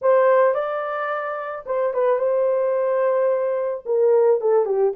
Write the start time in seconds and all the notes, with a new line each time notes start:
0.01 C5
0.54 D5
1.66 C5
1.93 B4
2.19 C5
3.85 A#4
4.40 A4
4.65 G4